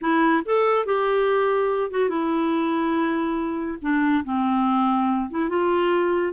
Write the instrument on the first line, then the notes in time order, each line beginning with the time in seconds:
clarinet
0.01 E4
0.45 A4
0.85 G4
1.91 F#4
2.09 E4
3.81 D4
4.24 C4
5.30 E4
5.49 F4